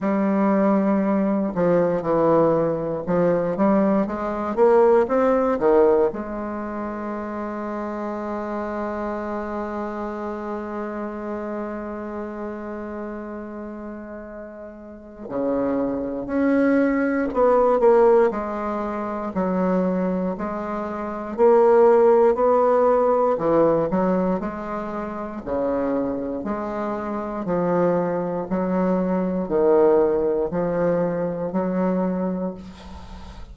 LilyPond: \new Staff \with { instrumentName = "bassoon" } { \time 4/4 \tempo 4 = 59 g4. f8 e4 f8 g8 | gis8 ais8 c'8 dis8 gis2~ | gis1~ | gis2. cis4 |
cis'4 b8 ais8 gis4 fis4 | gis4 ais4 b4 e8 fis8 | gis4 cis4 gis4 f4 | fis4 dis4 f4 fis4 | }